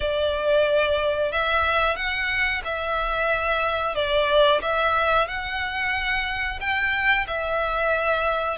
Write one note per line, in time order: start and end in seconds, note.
0.00 1.32 D5
1.32 1.96 E5
1.96 2.62 F#5
2.64 3.95 E5
3.95 4.61 D5
4.61 5.27 E5
5.27 6.59 F#5
6.60 7.26 G5
7.27 8.57 E5